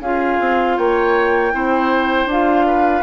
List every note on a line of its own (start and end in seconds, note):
0.00 0.38 C#4
0.00 1.52 F4
0.00 0.77 G#4
0.00 0.78 F5
0.40 0.78 C4
0.77 1.53 A#3
0.77 1.53 C#5
0.77 2.30 G5
1.52 2.25 C4
1.52 2.28 E4
1.52 2.66 C5
2.25 3.01 D4
2.25 3.03 F4
2.25 3.03 F5
2.66 3.03 B4